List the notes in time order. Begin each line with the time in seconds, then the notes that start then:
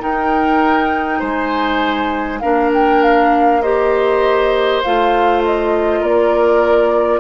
0.00 D#4 A#4 G5
1.20 G#3 C5 G#5
2.40 A#3 D4 A#4 F5
2.74 G5
3.04 F5
3.62 G4 C5 D#5
4.83 A3 F4 F5
5.45 D#5
6.01 A#3 A#4 D5